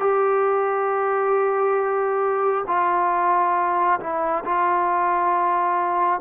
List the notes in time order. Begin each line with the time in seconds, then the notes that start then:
0.00 G4
2.68 F4
4.00 E4
4.45 F4